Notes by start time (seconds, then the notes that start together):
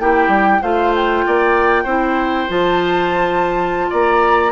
0.00 A#3 E4 G4 G5
0.29 G3
0.62 A3 F4 C5 F5
0.96 G5
1.27 A#3 D5
1.84 C4 E4 C5
2.49 F3 F4 A5
3.90 A#3 D5 A#5